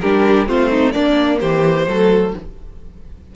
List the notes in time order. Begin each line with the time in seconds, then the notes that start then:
0.00 G3 D4 G4 A#4
0.47 A3 C4 F4 C5
0.70 D#4
0.92 A#3 D4 D5
1.40 E3 G4 C5
1.87 F#3 A3 A4